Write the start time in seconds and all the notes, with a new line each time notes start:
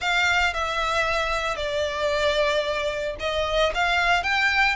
0.00 F5
0.53 E5
1.56 D5
3.19 D#5
3.74 F5
4.23 G5